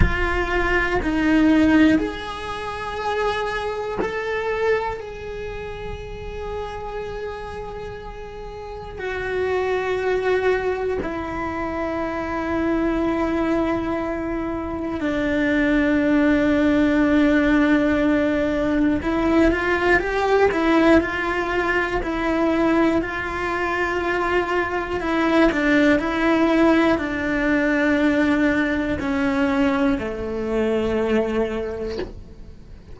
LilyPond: \new Staff \with { instrumentName = "cello" } { \time 4/4 \tempo 4 = 60 f'4 dis'4 gis'2 | a'4 gis'2.~ | gis'4 fis'2 e'4~ | e'2. d'4~ |
d'2. e'8 f'8 | g'8 e'8 f'4 e'4 f'4~ | f'4 e'8 d'8 e'4 d'4~ | d'4 cis'4 a2 | }